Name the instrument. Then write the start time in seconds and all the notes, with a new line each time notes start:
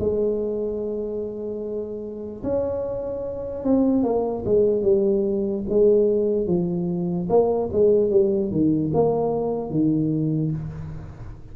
tuba
0.00 G#3
2.43 C#4
3.64 C4
4.04 A#3
4.45 G#3
4.83 G3
5.69 G#3
6.47 F3
7.29 A#3
7.73 G#3
8.11 G3
8.51 D#3
8.94 A#3
9.71 D#3